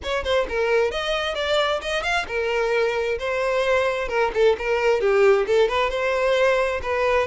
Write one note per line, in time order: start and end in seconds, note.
0.03 0.24 C#5
0.24 0.46 C5
0.48 0.91 A#4
0.91 1.34 D#5
1.34 1.80 D5
1.81 2.03 D#5
2.03 2.25 F5
2.27 3.18 A#4
3.19 4.08 C5
4.08 4.31 A#4
4.33 4.56 A4
4.58 5.00 A#4
5.00 5.46 G4
5.46 5.68 A4
5.68 5.90 B4
5.90 6.81 C5
6.82 7.27 B4